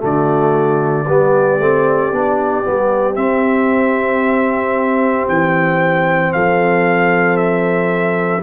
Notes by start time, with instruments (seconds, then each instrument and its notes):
0.00 tuba D3, trombone A3, horn F#4, trumpet D5
1.08 tuba G3, trombone B3, horn G4
1.59 tuba A3, trombone C4
2.12 tuba B3, trombone D4
2.64 tuba G3, trombone B3
3.15 trombone C4, tuba C4, trumpet E5
5.29 tuba E3, trumpet G5
6.33 tuba F3, horn A4, trumpet F5
7.37 trumpet E5